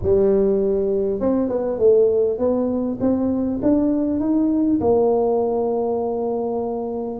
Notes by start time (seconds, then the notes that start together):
0.02 G3
1.20 C4
1.48 B3
1.78 A3
2.38 B3
3.00 C4
3.62 D4
4.19 D#4
4.80 A#3